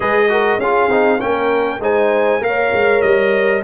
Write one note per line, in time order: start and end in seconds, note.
0.00 0.58 G#3
0.00 0.29 G#4
0.00 0.29 B4
0.00 0.59 D#5
0.29 0.59 F#4
0.29 0.59 A#4
0.58 0.88 C#4
0.58 0.90 F4
0.58 1.19 G#4
0.58 1.20 F5
0.89 1.19 C4
0.89 1.19 D#4
1.19 1.79 A#3
1.19 1.80 C#4
1.19 1.79 A#4
1.19 1.80 G5
1.79 2.39 G#3
1.79 2.41 D#4
1.79 2.42 C5
1.79 2.43 G#5
2.41 2.71 A#3
2.41 3.62 A#4
2.41 3.63 C#5
2.41 3.01 F5
2.72 3.03 G#3
3.01 3.63 G3
3.01 3.62 D#5